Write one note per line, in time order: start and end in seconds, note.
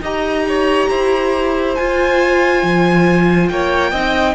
0.00 0.87 D#4
0.00 1.77 G4
0.00 0.45 D#5
0.00 1.75 A#5
0.48 0.89 C#5
0.89 1.77 E4
0.89 3.50 C5
1.75 2.62 F4
1.75 3.94 F4
1.75 3.48 G#5
2.62 3.49 F3
3.48 3.92 A#3
3.48 3.91 C#5
3.48 4.35 G5
3.91 4.35 C4
3.91 4.35 D#4
3.91 4.34 D#5